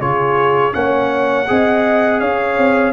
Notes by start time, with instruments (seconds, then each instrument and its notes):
0.00 tuba C#3, trombone F4, horn G#4, trumpet C#5
0.73 tuba A#3, trombone C#4, horn C#5, trumpet F#5
1.48 tuba C4, trombone G#4, horn D#5
2.20 tuba C#4, horn C#5, trumpet F5
2.58 tuba C4